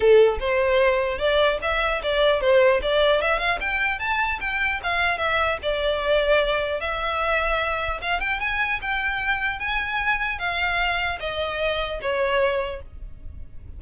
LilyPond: \new Staff \with { instrumentName = "violin" } { \time 4/4 \tempo 4 = 150 a'4 c''2 d''4 | e''4 d''4 c''4 d''4 | e''8 f''8 g''4 a''4 g''4 | f''4 e''4 d''2~ |
d''4 e''2. | f''8 g''8 gis''4 g''2 | gis''2 f''2 | dis''2 cis''2 | }